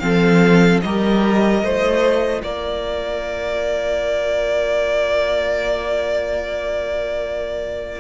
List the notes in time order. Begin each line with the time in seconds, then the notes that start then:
0.00 F3 C4 A4 F5
0.82 G3 G4 A#4 D#5
1.63 A3 F4 C5
2.43 A#3 A#4 D5